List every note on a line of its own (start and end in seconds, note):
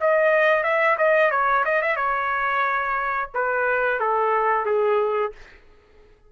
0.00 0.63 D#5
0.63 0.96 E5
0.97 1.31 D#5
1.31 1.64 C#5
1.65 1.82 D#5
1.82 1.96 E5
1.96 3.29 C#5
3.34 3.99 B4
3.99 4.65 A4
4.65 5.32 G#4